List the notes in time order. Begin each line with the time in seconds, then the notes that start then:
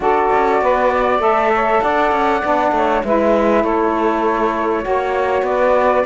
0.00 D4 F#4 A4 D5
0.32 C#4
0.61 B3 B4
0.92 D5
1.18 A3 A4 E5
1.53 C#5
1.81 D4 D5 F#5
2.11 C#4
2.43 B3 D4
2.71 A3 C#5
3.04 G#3 E4 B4 E5
3.62 A3 A4 C#5
4.82 A#3 F#4 C#5
5.42 B3 B4 D5